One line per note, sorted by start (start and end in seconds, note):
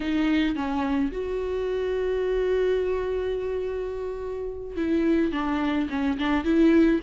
0.00 0.55 D#4
0.55 1.11 C#4
1.11 4.76 F#4
4.76 5.32 E4
5.32 5.88 D4
5.89 6.17 C#4
6.18 6.44 D4
6.44 7.00 E4